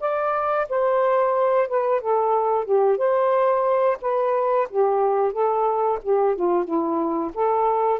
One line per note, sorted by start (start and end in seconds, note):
0.00 0.67 D5
0.69 1.68 C5
1.68 2.01 B4
2.01 2.65 A4
2.65 2.98 G4
2.98 3.98 C5
4.02 4.68 B4
4.70 5.32 G4
5.32 5.99 A4
6.02 6.35 G4
6.35 6.65 F4
6.65 7.31 E4
7.34 8.00 A4